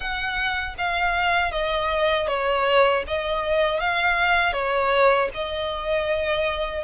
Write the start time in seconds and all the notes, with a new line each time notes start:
0.00 F#5
0.78 F5
1.51 D#5
2.28 C#5
3.07 D#5
3.79 F5
4.52 C#5
5.34 D#5